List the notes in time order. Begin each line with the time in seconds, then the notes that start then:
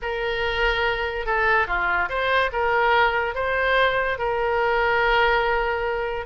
0.02 A#4
1.26 A4
1.67 F4
2.09 C5
2.52 A#4
3.34 C5
4.18 A#4